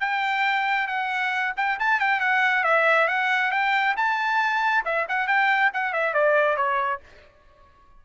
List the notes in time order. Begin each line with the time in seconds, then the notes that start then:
0.00 G5
0.88 F#5
1.57 G5
1.79 A5
2.00 G5
2.20 F#5
2.64 E5
3.08 F#5
3.51 G5
3.97 A5
4.85 E5
5.08 F#5
5.27 G5
5.74 F#5
5.93 E5
6.14 D5
6.57 C#5